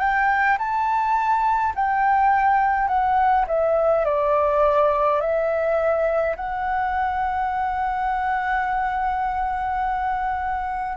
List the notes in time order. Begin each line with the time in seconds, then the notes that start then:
0.00 G5
0.58 A5
1.75 G5
2.88 F#5
3.47 E5
4.05 D5
5.20 E5
6.36 F#5